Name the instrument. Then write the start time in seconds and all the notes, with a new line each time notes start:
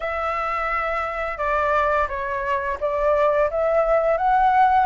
flute
0.00 E5
1.37 D5
2.08 C#5
2.80 D5
3.50 E5
4.17 F#5